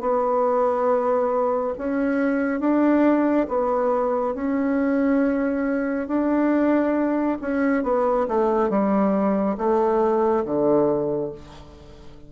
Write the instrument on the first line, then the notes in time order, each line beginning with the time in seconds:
bassoon
0.00 B3
1.78 C#4
2.60 D4
3.48 B3
4.34 C#4
6.07 D4
7.41 C#4
7.83 B3
8.28 A3
8.70 G3
9.57 A3
10.45 D3